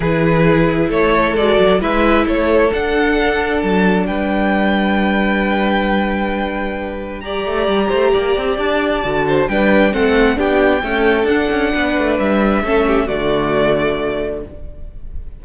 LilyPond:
<<
  \new Staff \with { instrumentName = "violin" } { \time 4/4 \tempo 4 = 133 b'2 cis''4 d''4 | e''4 cis''4 fis''2 | a''4 g''2.~ | g''1 |
ais''2. a''4~ | a''4 g''4 fis''4 g''4~ | g''4 fis''2 e''4~ | e''4 d''2. | }
  \new Staff \with { instrumentName = "violin" } { \time 4/4 gis'2 a'2 | b'4 a'2.~ | a'4 b'2.~ | b'1 |
d''4. c''8 d''2~ | d''8 c''8 b'4 a'4 g'4 | a'2 b'2 | a'8 g'8 fis'2. | }
  \new Staff \with { instrumentName = "viola" } { \time 4/4 e'2. fis'4 | e'2 d'2~ | d'1~ | d'1 |
g'1 | fis'4 d'4 c'4 d'4 | a4 d'2. | cis'4 a2. | }
  \new Staff \with { instrumentName = "cello" } { \time 4/4 e2 a4 gis8 fis8 | gis4 a4 d'2 | fis4 g2.~ | g1~ |
g8 a8 g8 a8 ais8 c'8 d'4 | d4 g4 a4 b4 | cis'4 d'8 cis'8 b8 a8 g4 | a4 d2. | }
>>